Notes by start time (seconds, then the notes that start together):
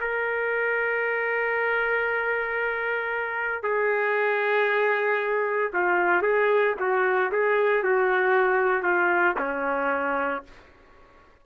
0.00 A#4
3.63 G#4
5.73 F4
6.22 G#4
6.79 F#4
7.32 G#4
7.83 F#4
8.82 F4
9.38 C#4